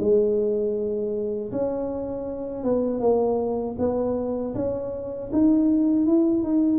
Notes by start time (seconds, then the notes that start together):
0.00 G#3
1.52 C#4
2.64 B3
3.00 A#3
3.79 B3
4.55 C#4
5.33 D#4
6.06 E4
6.43 D#4